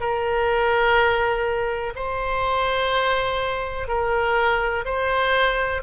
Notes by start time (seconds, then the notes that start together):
0.00 A#4
1.95 C5
3.88 A#4
4.85 C5